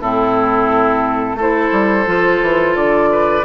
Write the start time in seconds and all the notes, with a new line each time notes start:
0.00 A2 C4 E4 A4
1.34 A3 E4 A4
1.41 C5
1.71 G3
2.05 F3 F4
2.41 E3
2.75 D3 D5
3.11 B4